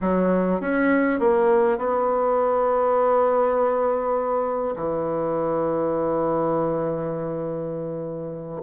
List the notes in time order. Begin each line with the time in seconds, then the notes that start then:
0.01 F#3
0.60 C#4
1.19 A#3
1.78 B3
4.76 E3